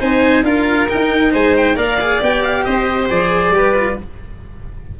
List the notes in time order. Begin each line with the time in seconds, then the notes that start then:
0.00 C4 D#4 C5 G#5
0.43 D4 F4 A#4 F5
0.89 D#4 G5
1.32 G#3 C5 G#5
1.57 G5
1.76 A#3 A#4 D5 F5
2.01 G#4
2.22 B3 G4 G5
2.43 F5
2.65 C4 C5 D#5
3.10 F3 G#4 D5
3.50 G3 G4 B4
3.75 F4